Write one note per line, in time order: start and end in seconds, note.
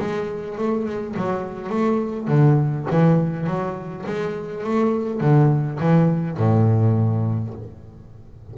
0.00 0.58 G#3
0.58 0.86 A3
0.86 1.15 G#3
1.17 1.70 F#3
1.70 2.28 A3
2.29 2.87 D3
2.91 3.47 E3
3.47 4.05 F#3
4.06 4.64 G#3
4.64 5.21 A3
5.21 5.79 D3
5.80 6.38 E3
6.38 7.54 A2